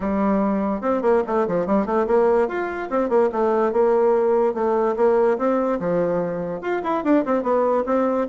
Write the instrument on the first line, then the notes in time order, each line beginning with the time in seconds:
bassoon
0.00 G3
0.81 C4
1.02 A#3
1.26 A3
1.47 F3
1.66 G3
1.85 A3
2.06 A#3
2.47 F4
2.90 C4
3.09 A#3
3.32 A3
3.72 A#3
4.54 A3
4.96 A#3
5.38 C4
5.79 F3
6.61 F4
6.83 E4
7.04 D4
7.25 C4
7.42 B3
7.85 C4